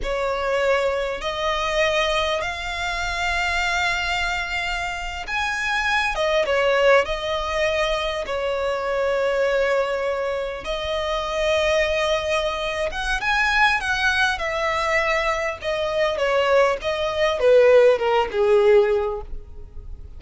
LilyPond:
\new Staff \with { instrumentName = "violin" } { \time 4/4 \tempo 4 = 100 cis''2 dis''2 | f''1~ | f''8. gis''4. dis''8 cis''4 dis''16~ | dis''4.~ dis''16 cis''2~ cis''16~ |
cis''4.~ cis''16 dis''2~ dis''16~ | dis''4. fis''8 gis''4 fis''4 | e''2 dis''4 cis''4 | dis''4 b'4 ais'8 gis'4. | }